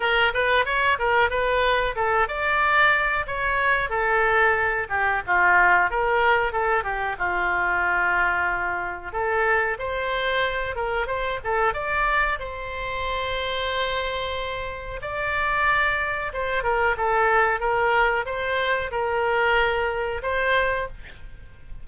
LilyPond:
\new Staff \with { instrumentName = "oboe" } { \time 4/4 \tempo 4 = 92 ais'8 b'8 cis''8 ais'8 b'4 a'8 d''8~ | d''4 cis''4 a'4. g'8 | f'4 ais'4 a'8 g'8 f'4~ | f'2 a'4 c''4~ |
c''8 ais'8 c''8 a'8 d''4 c''4~ | c''2. d''4~ | d''4 c''8 ais'8 a'4 ais'4 | c''4 ais'2 c''4 | }